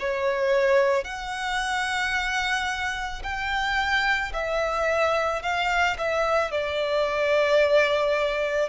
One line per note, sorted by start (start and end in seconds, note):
0.00 1.04 C#5
1.04 3.22 F#5
3.24 4.33 G5
4.34 5.43 E5
5.43 5.98 F5
5.99 6.52 E5
6.52 8.69 D5